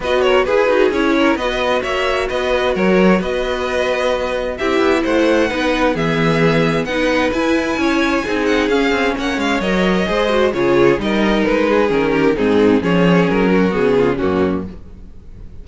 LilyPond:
<<
  \new Staff \with { instrumentName = "violin" } { \time 4/4 \tempo 4 = 131 dis''8 cis''8 b'4 cis''4 dis''4 | e''4 dis''4 cis''4 dis''4~ | dis''2 e''4 fis''4~ | fis''4 e''2 fis''4 |
gis''2~ gis''8 fis''8 f''4 | fis''8 f''8 dis''2 cis''4 | dis''4 b'4 ais'4 gis'4 | cis''4 ais'4 gis'4 fis'4 | }
  \new Staff \with { instrumentName = "violin" } { \time 4/4 b'8 ais'8 gis'4. ais'8 b'4 | cis''4 b'4 ais'4 b'4~ | b'2 g'4 c''4 | b'4 gis'2 b'4~ |
b'4 cis''4 gis'2 | cis''2 c''4 gis'4 | ais'4. gis'4 g'8 dis'4 | gis'4. fis'4 f'8 cis'4 | }
  \new Staff \with { instrumentName = "viola" } { \time 4/4 fis'4 gis'8 fis'8 e'4 fis'4~ | fis'1~ | fis'2 e'2 | dis'4 b2 dis'4 |
e'2 dis'4 cis'4~ | cis'4 ais'4 gis'8 fis'8 f'4 | dis'2 cis'4 c'4 | cis'2 b4 ais4 | }
  \new Staff \with { instrumentName = "cello" } { \time 4/4 b4 e'8 dis'8 cis'4 b4 | ais4 b4 fis4 b4~ | b2 c'8 b8 a4 | b4 e2 b4 |
e'4 cis'4 c'4 cis'8 c'8 | ais8 gis8 fis4 gis4 cis4 | g4 gis4 dis4 gis,4 | f4 fis4 cis4 fis,4 | }
>>